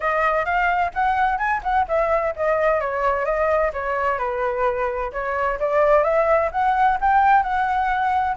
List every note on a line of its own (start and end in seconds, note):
0.00 0.45 D#5
0.45 0.91 F5
0.93 1.38 F#5
1.38 1.61 G#5
1.63 1.86 F#5
1.88 2.34 E5
2.36 2.80 D#5
2.80 3.25 C#5
3.25 3.71 D#5
3.73 4.18 C#5
4.18 5.11 B4
5.12 5.58 C#5
5.59 6.03 D5
6.03 6.50 E5
6.51 6.98 F#5
7.00 7.42 G5
7.42 8.36 F#5